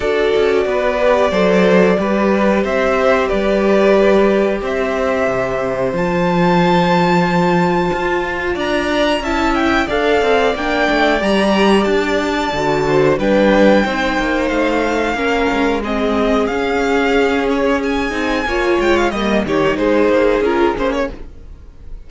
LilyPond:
<<
  \new Staff \with { instrumentName = "violin" } { \time 4/4 \tempo 4 = 91 d''1 | e''4 d''2 e''4~ | e''4 a''2.~ | a''4 ais''4 a''8 g''8 f''4 |
g''4 ais''4 a''2 | g''2 f''2 | dis''4 f''4. cis''8 gis''4~ | gis''8 g''16 f''16 dis''8 cis''8 c''4 ais'8 c''16 cis''16 | }
  \new Staff \with { instrumentName = "violin" } { \time 4/4 a'4 b'4 c''4 b'4 | c''4 b'2 c''4~ | c''1~ | c''4 d''4 e''4 d''4~ |
d''2.~ d''8 c''8 | b'4 c''2 ais'4 | gis'1 | cis''4 dis''8 g'8 gis'2 | }
  \new Staff \with { instrumentName = "viola" } { \time 4/4 fis'4. g'8 a'4 g'4~ | g'1~ | g'4 f'2.~ | f'2 e'4 a'4 |
d'4 g'2 fis'4 | d'4 dis'2 cis'4 | c'4 cis'2~ cis'8 dis'8 | f'4 ais8 dis'4. f'8 cis'8 | }
  \new Staff \with { instrumentName = "cello" } { \time 4/4 d'8 cis'8 b4 fis4 g4 | c'4 g2 c'4 | c4 f2. | f'4 d'4 cis'4 d'8 c'8 |
ais8 a8 g4 d'4 d4 | g4 c'8 ais8 a4 ais8 gis8~ | gis4 cis'2~ cis'8 c'8 | ais8 gis8 g8 dis8 gis8 ais8 cis'8 ais8 | }
>>